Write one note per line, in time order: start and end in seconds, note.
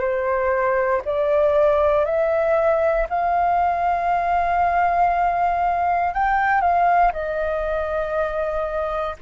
0.00 1.02 C5
1.05 2.05 D5
2.05 3.07 E5
3.09 6.14 F5
6.14 6.61 G5
6.61 7.12 F5
7.13 9.16 D#5